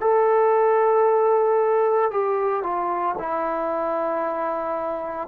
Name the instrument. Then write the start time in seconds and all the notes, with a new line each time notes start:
trombone
0.00 A4
2.11 G4
2.63 F4
3.18 E4